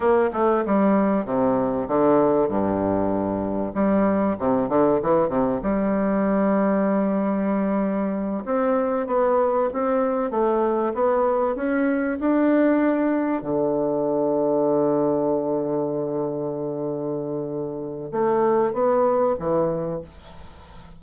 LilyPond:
\new Staff \with { instrumentName = "bassoon" } { \time 4/4 \tempo 4 = 96 ais8 a8 g4 c4 d4 | g,2 g4 c8 d8 | e8 c8 g2.~ | g4. c'4 b4 c'8~ |
c'8 a4 b4 cis'4 d'8~ | d'4. d2~ d8~ | d1~ | d4 a4 b4 e4 | }